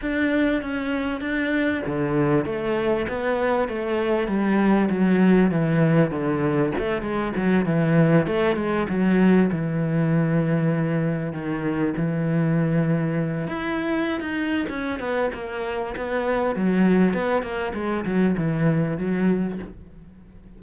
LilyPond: \new Staff \with { instrumentName = "cello" } { \time 4/4 \tempo 4 = 98 d'4 cis'4 d'4 d4 | a4 b4 a4 g4 | fis4 e4 d4 a8 gis8 | fis8 e4 a8 gis8 fis4 e8~ |
e2~ e8 dis4 e8~ | e2 e'4~ e'16 dis'8. | cis'8 b8 ais4 b4 fis4 | b8 ais8 gis8 fis8 e4 fis4 | }